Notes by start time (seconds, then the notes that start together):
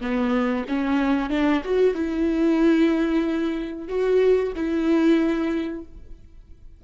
0.00 B3
0.68 C#4
1.29 D4
1.64 F#4
1.94 E4
3.88 F#4
4.55 E4